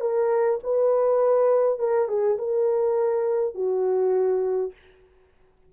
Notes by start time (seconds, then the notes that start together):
0.00 A#4
0.63 B4
1.79 A#4
2.07 G#4
2.38 A#4
3.54 F#4